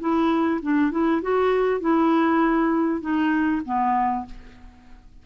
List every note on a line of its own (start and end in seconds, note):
0.00 0.61 E4
0.62 0.91 D4
0.91 1.22 E4
1.22 1.81 F#4
1.81 3.01 E4
3.01 3.62 D#4
3.65 4.26 B3